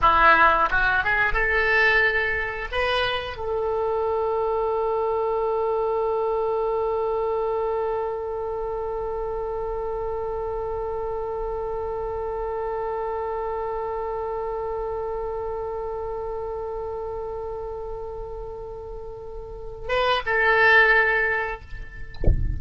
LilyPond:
\new Staff \with { instrumentName = "oboe" } { \time 4/4 \tempo 4 = 89 e'4 fis'8 gis'8 a'2 | b'4 a'2.~ | a'1~ | a'1~ |
a'1~ | a'1~ | a'1~ | a'4. b'8 a'2 | }